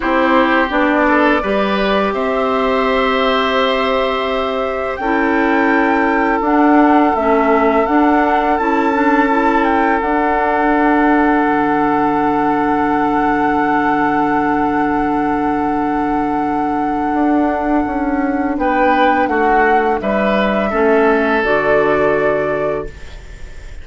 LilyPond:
<<
  \new Staff \with { instrumentName = "flute" } { \time 4/4 \tempo 4 = 84 c''4 d''2 e''4~ | e''2. g''4~ | g''4 fis''4 e''4 fis''4 | a''4. g''8 fis''2~ |
fis''1~ | fis''1~ | fis''2 g''4 fis''4 | e''2 d''2 | }
  \new Staff \with { instrumentName = "oboe" } { \time 4/4 g'4. a'8 b'4 c''4~ | c''2. a'4~ | a'1~ | a'1~ |
a'1~ | a'1~ | a'2 b'4 fis'4 | b'4 a'2. | }
  \new Staff \with { instrumentName = "clarinet" } { \time 4/4 e'4 d'4 g'2~ | g'2. e'4~ | e'4 d'4 cis'4 d'4 | e'8 d'8 e'4 d'2~ |
d'1~ | d'1~ | d'1~ | d'4 cis'4 fis'2 | }
  \new Staff \with { instrumentName = "bassoon" } { \time 4/4 c'4 b4 g4 c'4~ | c'2. cis'4~ | cis'4 d'4 a4 d'4 | cis'2 d'2 |
d1~ | d1 | d'4 cis'4 b4 a4 | g4 a4 d2 | }
>>